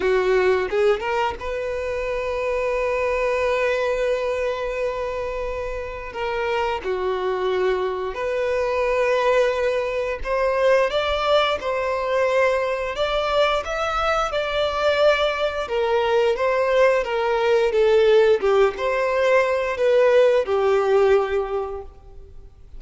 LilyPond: \new Staff \with { instrumentName = "violin" } { \time 4/4 \tempo 4 = 88 fis'4 gis'8 ais'8 b'2~ | b'1~ | b'4 ais'4 fis'2 | b'2. c''4 |
d''4 c''2 d''4 | e''4 d''2 ais'4 | c''4 ais'4 a'4 g'8 c''8~ | c''4 b'4 g'2 | }